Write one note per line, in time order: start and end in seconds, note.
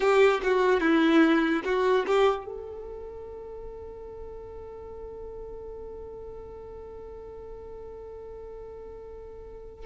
0.00 0.41 G4
0.43 0.80 F#4
0.80 1.62 E4
1.64 2.05 F#4
2.06 2.45 G4
2.45 9.85 A4